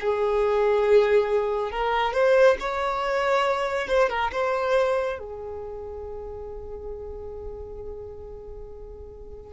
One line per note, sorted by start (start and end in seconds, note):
0.00 1.71 G#4
1.71 2.13 A#4
2.13 2.57 C5
2.60 3.88 C#5
3.88 4.09 C5
4.09 4.31 A#4
4.32 5.19 C5
5.19 9.53 G#4